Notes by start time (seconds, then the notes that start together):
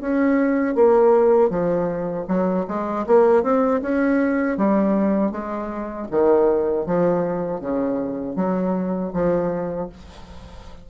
0.00 C#4
0.75 A#3
1.49 F3
2.28 F#3
2.67 G#3
3.06 A#3
3.43 C4
3.81 C#4
4.57 G3
5.31 G#3
6.11 D#3
6.86 F3
7.60 C#3
8.35 F#3
9.13 F3